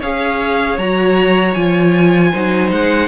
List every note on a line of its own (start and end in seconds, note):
0.00 0.78 C#4
0.00 0.79 G#4
0.00 2.31 C#5
0.00 0.79 F5
0.78 1.55 F#3
0.78 1.56 F#4
0.78 1.54 A#5
1.54 2.33 F3
1.54 2.34 F4
1.54 2.70 G#5
2.33 2.72 F#3
2.33 3.09 D#4
2.33 3.09 C5
2.72 3.09 G#3
2.72 3.09 F#5